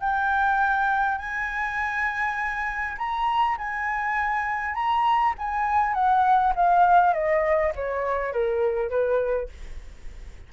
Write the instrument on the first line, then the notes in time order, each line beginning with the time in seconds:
flute
0.00 G5
1.18 G#5
2.98 A#5
3.58 G#5
4.74 A#5
5.38 G#5
5.94 F#5
6.55 F5
7.13 D#5
7.75 C#5
8.32 A#4
8.89 B4